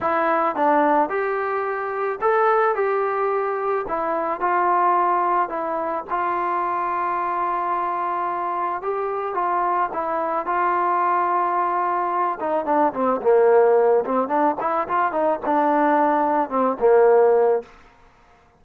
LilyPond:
\new Staff \with { instrumentName = "trombone" } { \time 4/4 \tempo 4 = 109 e'4 d'4 g'2 | a'4 g'2 e'4 | f'2 e'4 f'4~ | f'1 |
g'4 f'4 e'4 f'4~ | f'2~ f'8 dis'8 d'8 c'8 | ais4. c'8 d'8 e'8 f'8 dis'8 | d'2 c'8 ais4. | }